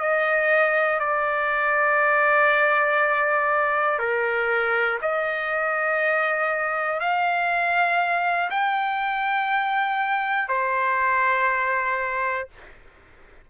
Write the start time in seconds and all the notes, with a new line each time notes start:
0.00 D#5
1.00 D5
3.99 A#4
5.02 D#5
7.00 F5
8.50 G5
10.49 C5